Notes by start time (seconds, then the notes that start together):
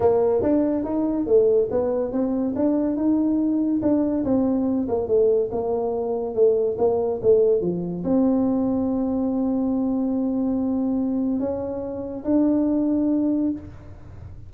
0.00 A#3
0.42 D4
0.84 D#4
1.26 A3
1.71 B3
2.12 C4
2.55 D4
2.96 D#4
3.81 D4
4.24 C4
4.88 A#3
5.07 A3
5.51 A#3
6.34 A3
6.78 A#3
7.22 A3
7.61 F3
8.03 C4
11.39 C#4
12.24 D4